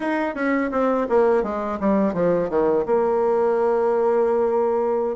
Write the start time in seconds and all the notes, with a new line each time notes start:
0.00 D#4
0.34 C#4
0.71 C4
1.09 A#3
1.43 G#3
1.80 G3
2.13 F3
2.49 D#3
2.86 A#3